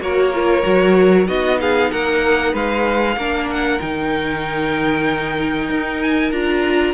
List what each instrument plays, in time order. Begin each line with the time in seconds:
0.00 cello A#3, viola F#4, violin A#4 C#5
0.34 viola F4
0.62 cello F#3, viola F#4
1.26 cello B3, viola D#4, violin F#4 D#5
1.61 violin G#4 F5
1.91 cello A#3, violin A#4 F#5
2.52 cello G#3, violin B4 F5
3.16 cello A#3, viola D4, violin A#4
3.50 violin F#5
3.80 cello D#3, viola D#4, violin G5
5.69 cello D#4
6.02 violin G#5
6.32 cello D4, viola F4, violin A#5